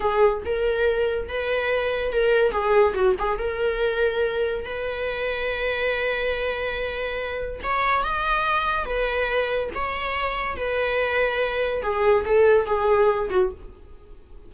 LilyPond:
\new Staff \with { instrumentName = "viola" } { \time 4/4 \tempo 4 = 142 gis'4 ais'2 b'4~ | b'4 ais'4 gis'4 fis'8 gis'8 | ais'2. b'4~ | b'1~ |
b'2 cis''4 dis''4~ | dis''4 b'2 cis''4~ | cis''4 b'2. | gis'4 a'4 gis'4. fis'8 | }